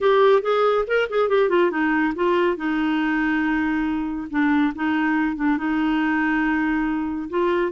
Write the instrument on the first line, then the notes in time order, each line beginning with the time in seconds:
clarinet
0.00 G4
0.42 G#4
0.87 A#4
1.09 G#4
1.29 G4
1.49 F4
1.70 D#4
2.15 F4
2.56 D#4
4.30 D4
4.75 D#4
5.36 D4
5.57 D#4
7.29 F4